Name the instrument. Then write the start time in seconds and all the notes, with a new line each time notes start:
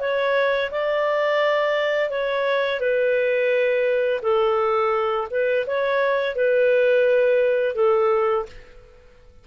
clarinet
0.00 C#5
0.71 D5
2.10 C#5
2.80 B4
4.22 A4
5.31 B4
5.67 C#5
6.36 B4
7.76 A4